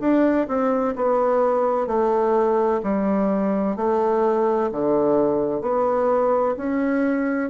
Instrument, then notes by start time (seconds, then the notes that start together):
bassoon
0.00 D4
0.48 C4
0.95 B3
1.87 A3
2.83 G3
3.76 A3
4.72 D3
5.62 B3
6.57 C#4